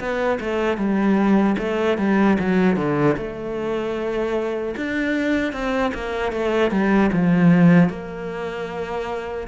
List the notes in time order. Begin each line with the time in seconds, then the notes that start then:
0.00 B3
0.41 A3
0.78 G3
1.59 A3
1.98 G3
2.40 F#3
2.77 D3
3.18 A3
4.77 D4
5.53 C4
5.95 A#3
6.33 A3
6.71 G3
7.13 F3
7.90 A#3